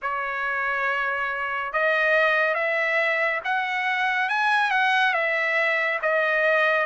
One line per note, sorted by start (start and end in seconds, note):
0.02 1.73 C#5
1.73 2.54 D#5
2.54 3.40 E5
3.44 4.29 F#5
4.29 4.71 G#5
4.71 5.13 F#5
5.13 5.99 E5
6.02 6.86 D#5